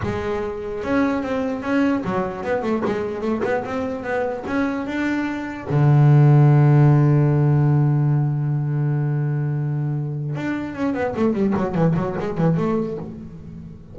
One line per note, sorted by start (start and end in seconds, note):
0.02 0.83 G#3
0.83 1.22 C#4
1.22 1.62 C4
1.62 2.03 C#4
2.04 2.43 F#3
2.43 2.62 B3
2.62 2.82 A3
2.85 3.21 G#3
3.21 3.41 A3
3.43 3.64 B3
3.64 4.03 C4
4.03 4.44 B3
4.46 4.86 C#4
4.86 5.67 D4
5.69 10.35 D3
10.35 10.75 D4
10.75 10.93 C#4
10.93 11.14 B3
11.16 11.33 A3
11.33 11.53 G3
11.56 11.74 F#3
11.74 11.94 E3
11.96 12.16 F#3
12.19 12.37 G#3
12.37 12.57 E3
12.57 12.97 A3